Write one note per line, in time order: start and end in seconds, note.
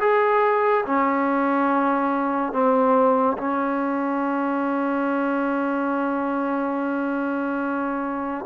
0.00 0.85 G#4
0.85 2.52 C#4
2.52 3.37 C4
3.38 8.45 C#4